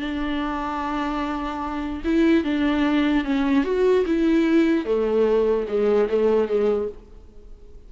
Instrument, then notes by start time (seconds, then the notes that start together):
viola
0.00 D4
2.05 E4
2.44 D4
3.25 C#4
3.64 F#4
4.06 E4
4.85 A3
5.68 G#3
6.09 A3
6.48 G#3